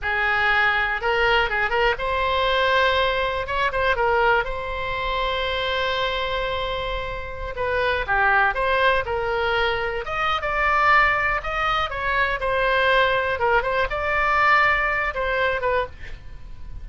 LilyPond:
\new Staff \with { instrumentName = "oboe" } { \time 4/4 \tempo 4 = 121 gis'2 ais'4 gis'8 ais'8 | c''2. cis''8 c''8 | ais'4 c''2.~ | c''2.~ c''16 b'8.~ |
b'16 g'4 c''4 ais'4.~ ais'16~ | ais'16 dis''8. d''2 dis''4 | cis''4 c''2 ais'8 c''8 | d''2~ d''8 c''4 b'8 | }